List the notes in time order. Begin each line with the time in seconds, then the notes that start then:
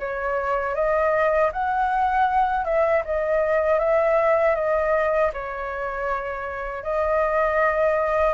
0.00 C#5
0.75 D#5
1.53 F#5
2.65 E5
3.05 D#5
3.80 E5
4.56 D#5
5.33 C#5
6.84 D#5